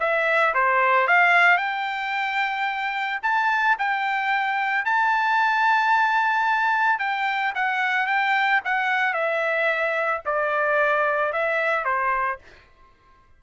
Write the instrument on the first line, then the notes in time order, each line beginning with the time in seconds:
trumpet
0.00 E5
0.55 C5
1.08 F5
1.58 G5
3.23 A5
3.79 G5
4.86 A5
6.99 G5
7.55 F#5
8.07 G5
8.65 F#5
9.14 E5
10.26 D5
11.33 E5
11.85 C5